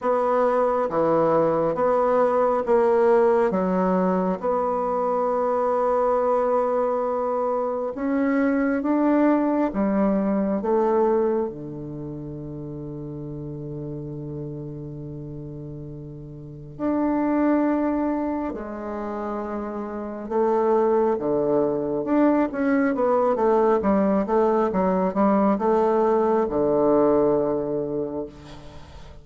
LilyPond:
\new Staff \with { instrumentName = "bassoon" } { \time 4/4 \tempo 4 = 68 b4 e4 b4 ais4 | fis4 b2.~ | b4 cis'4 d'4 g4 | a4 d2.~ |
d2. d'4~ | d'4 gis2 a4 | d4 d'8 cis'8 b8 a8 g8 a8 | fis8 g8 a4 d2 | }